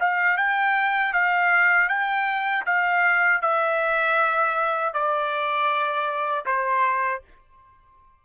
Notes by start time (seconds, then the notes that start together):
0.00 F5
0.38 G5
1.14 F5
1.90 G5
2.66 F5
3.42 E5
4.94 D5
6.46 C5